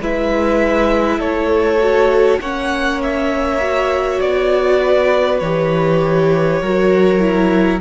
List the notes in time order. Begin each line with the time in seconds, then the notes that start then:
0.00 G#3 E4 B4 E5
1.18 A3 A4 C#5
1.79 F#4
2.39 A#3 C#4 C#5 F#5
3.02 E5
3.60 F#4
4.20 B3 D5
4.82 B4
5.38 E3 G4 C#5
6.61 F#3 F#4 A#4
7.20 E4